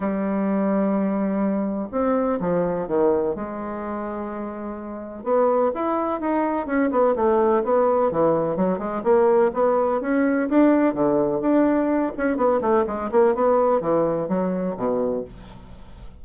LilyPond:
\new Staff \with { instrumentName = "bassoon" } { \time 4/4 \tempo 4 = 126 g1 | c'4 f4 dis4 gis4~ | gis2. b4 | e'4 dis'4 cis'8 b8 a4 |
b4 e4 fis8 gis8 ais4 | b4 cis'4 d'4 d4 | d'4. cis'8 b8 a8 gis8 ais8 | b4 e4 fis4 b,4 | }